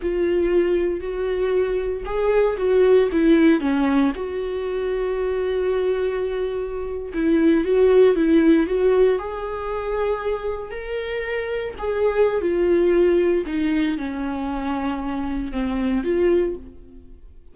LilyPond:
\new Staff \with { instrumentName = "viola" } { \time 4/4 \tempo 4 = 116 f'2 fis'2 | gis'4 fis'4 e'4 cis'4 | fis'1~ | fis'4.~ fis'16 e'4 fis'4 e'16~ |
e'8. fis'4 gis'2~ gis'16~ | gis'8. ais'2 gis'4~ gis'16 | f'2 dis'4 cis'4~ | cis'2 c'4 f'4 | }